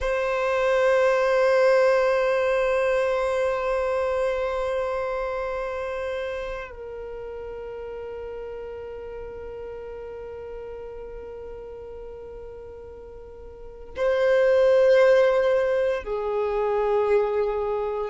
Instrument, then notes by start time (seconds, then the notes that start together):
violin
0.00 C5
6.70 A#4
13.96 C5
16.03 G#4